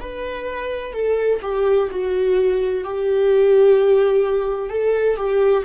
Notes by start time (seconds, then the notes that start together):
0.00 B4
0.93 A4
1.42 G4
1.90 F#4
2.84 G4
4.70 A4
5.17 G4